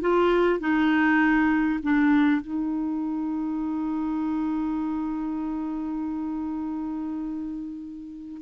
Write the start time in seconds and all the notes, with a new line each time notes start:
0.00 F4
0.59 D#4
1.82 D4
2.41 D#4